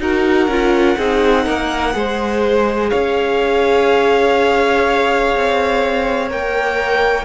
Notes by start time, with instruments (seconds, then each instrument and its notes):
0.00 cello D#4, viola F#4, violin A#4 F#5
0.48 cello C#4, viola F4
0.98 cello C4, viola D#4, violin G#4
1.45 cello A#3, violin A#4
1.93 cello G#3, viola G#4, violin C5
2.90 cello C#4, violin C#5 F5
5.36 cello C4
6.29 cello A#3, viola A#4, violin G5